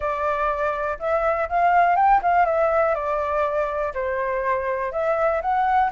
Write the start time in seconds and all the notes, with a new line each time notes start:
0.00 D5
0.99 E5
1.48 F5
1.96 G5
2.22 F5
2.45 E5
2.94 D5
3.93 C5
4.92 E5
5.41 F#5